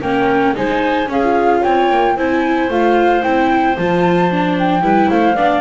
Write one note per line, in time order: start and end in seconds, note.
0.00 0.55 A#3
0.00 0.54 C#4
0.00 0.54 A#4
0.00 0.54 G5
0.54 1.08 G#3
0.54 1.06 D#4
0.54 1.10 C5
0.54 1.09 G#5
1.06 1.20 C#4
1.06 1.62 C#4
1.06 1.60 G#4
1.06 1.63 F5
1.23 2.17 F4
1.60 1.90 C4
1.60 2.13 C#5
1.60 2.16 G5
1.90 2.16 A#3
2.16 2.69 C4
2.16 2.70 E4
2.16 4.83 C5
2.16 2.69 G#5
2.69 3.22 A3
2.69 3.22 F4
2.69 3.22 F5
3.22 3.77 C4
3.22 3.75 E4
3.22 3.76 G5
3.77 4.81 F3
3.77 4.30 F4
3.77 4.57 A5
4.30 4.81 D4
4.58 5.09 G5
4.81 5.08 G3
4.81 5.35 E4
4.81 5.09 B4
5.09 5.35 A3
5.09 5.35 C5
5.09 5.60 F5
5.35 5.60 B3
5.35 5.60 D4
5.35 5.60 D5